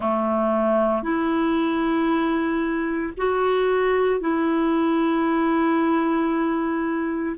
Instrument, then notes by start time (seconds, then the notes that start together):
clarinet
0.00 A3
1.02 E4
3.17 F#4
4.20 E4